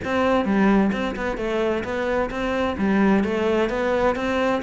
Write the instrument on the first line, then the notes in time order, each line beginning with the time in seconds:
cello
0.04 C4
0.45 G3
0.92 C4
1.15 B3
1.37 A3
1.83 B3
2.30 C4
2.78 G3
3.23 A3
3.69 B3
4.15 C4